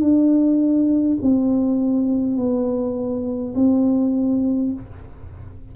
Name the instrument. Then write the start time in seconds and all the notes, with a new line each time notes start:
tuba
0.00 D4
1.22 C4
2.36 B3
3.55 C4